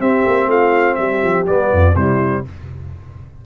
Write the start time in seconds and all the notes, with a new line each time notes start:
0.00 C4 G4 E5
0.26 A#3
0.47 A3 F4 F5
0.95 G3 G4 E5
1.23 F3
1.47 G3 B3 D5
1.72 F2 F4
1.95 C3 G3 E4 C5